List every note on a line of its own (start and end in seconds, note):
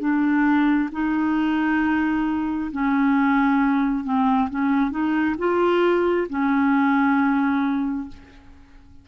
0.00 0.90 D4
0.92 2.71 D#4
2.72 4.04 C#4
4.04 4.49 C4
4.50 4.91 C#4
4.91 5.36 D#4
5.38 6.28 F4
6.29 8.08 C#4